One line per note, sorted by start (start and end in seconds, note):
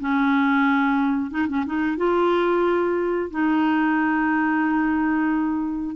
0.00 1.31 C#4
1.31 1.47 D#4
1.48 1.65 C#4
1.66 1.97 D#4
1.97 3.30 F4
3.30 5.95 D#4